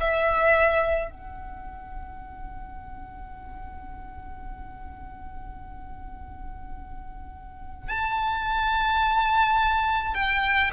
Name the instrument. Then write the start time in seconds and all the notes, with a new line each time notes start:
violin
0.00 E5
1.11 F#5
7.88 A5
10.14 G5